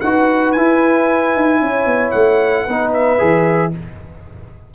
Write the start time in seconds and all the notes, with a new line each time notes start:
0.00 D#4 F#4 B4 F#5
0.52 E4 G#5
1.35 D#4
1.61 C#4 C#5
1.86 B3
2.11 A3 F#5
2.65 B3 D#4 B4
2.93 E5
3.18 E3 G#4